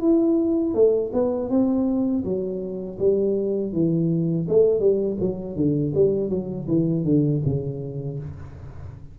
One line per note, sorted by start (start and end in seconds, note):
0.00 0.74 E4
0.74 1.11 A3
1.12 1.49 B3
1.49 2.24 C4
2.24 2.98 F#3
2.98 3.72 G3
3.72 4.46 E3
4.48 4.79 A3
4.79 5.16 G3
5.20 5.56 F#3
5.56 5.93 D3
5.94 6.29 G3
6.29 6.66 F#3
6.67 7.04 E3
7.04 7.41 D3
7.45 8.19 C#3